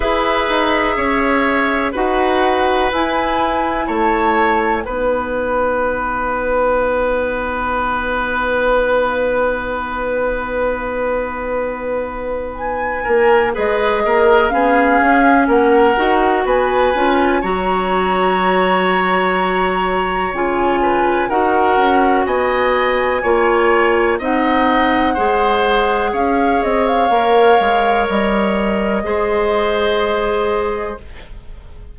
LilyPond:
<<
  \new Staff \with { instrumentName = "flute" } { \time 4/4 \tempo 4 = 62 e''2 fis''4 gis''4 | a''4 fis''2.~ | fis''1~ | fis''4 gis''4 dis''4 f''4 |
fis''4 gis''4 ais''2~ | ais''4 gis''4 fis''4 gis''4~ | gis''4 fis''2 f''8 dis''16 f''16~ | f''4 dis''2. | }
  \new Staff \with { instrumentName = "oboe" } { \time 4/4 b'4 cis''4 b'2 | cis''4 b'2.~ | b'1~ | b'4. ais'8 b'8 ais'8 gis'4 |
ais'4 b'4 cis''2~ | cis''4. b'8 ais'4 dis''4 | cis''4 dis''4 c''4 cis''4~ | cis''2 c''2 | }
  \new Staff \with { instrumentName = "clarinet" } { \time 4/4 gis'2 fis'4 e'4~ | e'4 dis'2.~ | dis'1~ | dis'2 gis'4 cis'4~ |
cis'8 fis'4 f'8 fis'2~ | fis'4 f'4 fis'2 | f'4 dis'4 gis'2 | ais'2 gis'2 | }
  \new Staff \with { instrumentName = "bassoon" } { \time 4/4 e'8 dis'8 cis'4 dis'4 e'4 | a4 b2.~ | b1~ | b4. ais8 gis8 ais8 b8 cis'8 |
ais8 dis'8 b8 cis'8 fis2~ | fis4 cis4 dis'8 cis'8 b4 | ais4 c'4 gis4 cis'8 c'8 | ais8 gis8 g4 gis2 | }
>>